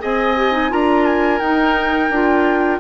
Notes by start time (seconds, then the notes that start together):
0.00 C4 G#4 D#5 G#5
0.37 G4
0.52 D#4
0.70 D4 F4 A#4 A#5
1.06 G#5
1.40 D#4 G5
2.10 D4 F4